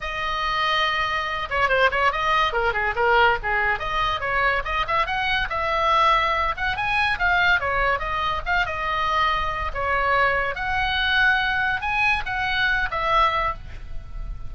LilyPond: \new Staff \with { instrumentName = "oboe" } { \time 4/4 \tempo 4 = 142 dis''2.~ dis''8 cis''8 | c''8 cis''8 dis''4 ais'8 gis'8 ais'4 | gis'4 dis''4 cis''4 dis''8 e''8 | fis''4 e''2~ e''8 fis''8 |
gis''4 f''4 cis''4 dis''4 | f''8 dis''2~ dis''8 cis''4~ | cis''4 fis''2. | gis''4 fis''4. e''4. | }